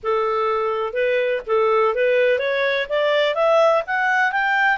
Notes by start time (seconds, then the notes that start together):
0.03 A4
0.93 B4
1.47 A4
1.94 B4
2.38 C#5
2.89 D5
3.34 E5
3.86 F#5
4.32 G5